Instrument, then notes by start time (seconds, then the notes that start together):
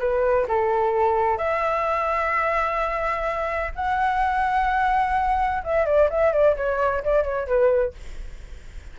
flute
0.00 B4
0.49 A4
1.38 E5
3.76 F#5
5.64 E5
5.86 D5
6.10 E5
6.33 D5
6.57 C#5
7.04 D5
7.24 C#5
7.48 B4